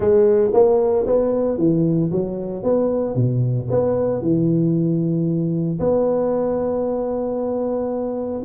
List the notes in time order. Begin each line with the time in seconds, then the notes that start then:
0.00 G#3
0.53 A#3
1.06 B3
1.57 E3
2.11 F#3
2.63 B3
3.15 B2
3.70 B3
4.21 E3
5.79 B3